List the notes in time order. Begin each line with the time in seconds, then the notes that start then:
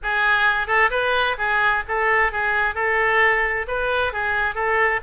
0.02 G#4
0.67 A4
0.90 B4
1.37 G#4
1.87 A4
2.32 G#4
2.74 A4
3.67 B4
4.12 G#4
4.54 A4